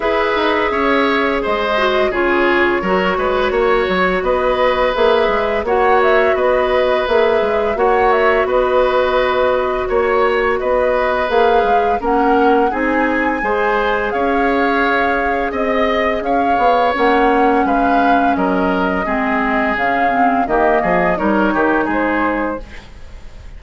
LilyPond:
<<
  \new Staff \with { instrumentName = "flute" } { \time 4/4 \tempo 4 = 85 e''2 dis''4 cis''4~ | cis''2 dis''4 e''4 | fis''8 e''8 dis''4 e''4 fis''8 e''8 | dis''2 cis''4 dis''4 |
f''4 fis''4 gis''2 | f''2 dis''4 f''4 | fis''4 f''4 dis''2 | f''4 dis''4 cis''4 c''4 | }
  \new Staff \with { instrumentName = "oboe" } { \time 4/4 b'4 cis''4 c''4 gis'4 | ais'8 b'8 cis''4 b'2 | cis''4 b'2 cis''4 | b'2 cis''4 b'4~ |
b'4 ais'4 gis'4 c''4 | cis''2 dis''4 cis''4~ | cis''4 b'4 ais'4 gis'4~ | gis'4 g'8 gis'8 ais'8 g'8 gis'4 | }
  \new Staff \with { instrumentName = "clarinet" } { \time 4/4 gis'2~ gis'8 fis'8 f'4 | fis'2. gis'4 | fis'2 gis'4 fis'4~ | fis'1 |
gis'4 cis'4 dis'4 gis'4~ | gis'1 | cis'2. c'4 | cis'8 c'8 ais4 dis'2 | }
  \new Staff \with { instrumentName = "bassoon" } { \time 4/4 e'8 dis'8 cis'4 gis4 cis4 | fis8 gis8 ais8 fis8 b4 ais8 gis8 | ais4 b4 ais8 gis8 ais4 | b2 ais4 b4 |
ais8 gis8 ais4 c'4 gis4 | cis'2 c'4 cis'8 b8 | ais4 gis4 fis4 gis4 | cis4 dis8 f8 g8 dis8 gis4 | }
>>